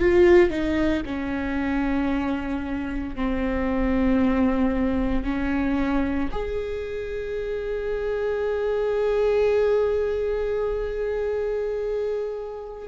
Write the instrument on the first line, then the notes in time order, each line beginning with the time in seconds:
viola
0.00 F4
0.50 D#4
1.06 C#4
3.16 C4
5.24 C#4
6.32 G#4